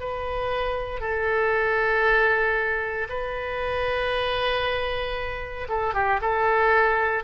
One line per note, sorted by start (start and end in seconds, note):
0.00 1.01 B4
1.01 3.08 A4
3.09 5.68 B4
5.69 5.94 A4
5.94 6.20 G4
6.21 7.24 A4